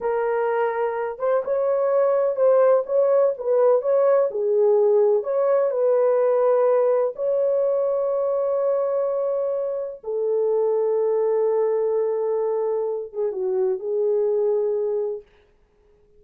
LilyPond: \new Staff \with { instrumentName = "horn" } { \time 4/4 \tempo 4 = 126 ais'2~ ais'8 c''8 cis''4~ | cis''4 c''4 cis''4 b'4 | cis''4 gis'2 cis''4 | b'2. cis''4~ |
cis''1~ | cis''4 a'2.~ | a'2.~ a'8 gis'8 | fis'4 gis'2. | }